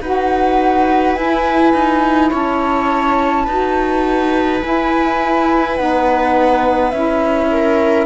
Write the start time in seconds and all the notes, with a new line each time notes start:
0.00 D#4 F#4 B4 F#5
1.15 E4 G#5
1.73 D#4
2.30 C#4 C#5 A5
3.44 D#4 F#4 B4
4.60 E4 G#5
5.76 B3 D#4 F#5
6.90 C#4 E4 E5
7.50 A#4